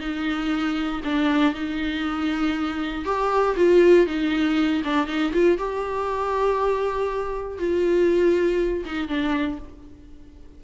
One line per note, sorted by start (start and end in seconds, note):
0.00 1.01 D#4
1.04 1.54 D4
1.54 3.05 D#4
3.05 3.55 G4
3.56 4.06 F4
4.06 4.82 D#4
4.84 5.07 D4
5.07 5.32 D#4
5.33 5.57 F4
5.57 7.58 G4
7.58 8.84 F4
8.85 9.08 D#4
9.08 9.58 D4